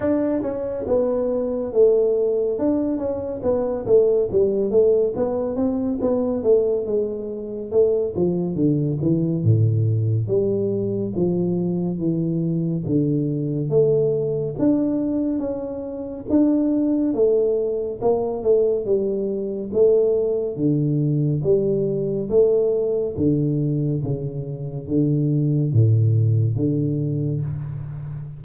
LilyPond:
\new Staff \with { instrumentName = "tuba" } { \time 4/4 \tempo 4 = 70 d'8 cis'8 b4 a4 d'8 cis'8 | b8 a8 g8 a8 b8 c'8 b8 a8 | gis4 a8 f8 d8 e8 a,4 | g4 f4 e4 d4 |
a4 d'4 cis'4 d'4 | a4 ais8 a8 g4 a4 | d4 g4 a4 d4 | cis4 d4 a,4 d4 | }